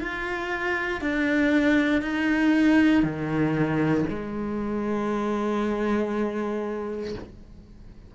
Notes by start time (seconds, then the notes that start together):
0.00 F4
1.01 D4
2.02 D#4
3.03 D#3
4.10 G#3